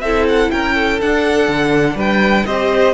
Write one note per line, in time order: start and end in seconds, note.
0.00 0.49 C4
0.00 1.01 E4
0.00 0.51 A4
0.00 0.24 E5
0.28 0.50 F#5
0.50 1.00 C#4
0.50 0.74 A#4
0.50 0.99 G5
0.74 1.96 A4
1.01 1.48 D4
1.01 2.46 D4
1.01 1.99 F#5
1.48 1.95 D3
1.95 2.43 G3
1.95 2.45 B4
1.95 2.46 G5
2.46 2.94 C4
2.46 2.94 G4
2.46 2.94 C5
2.46 2.94 D#5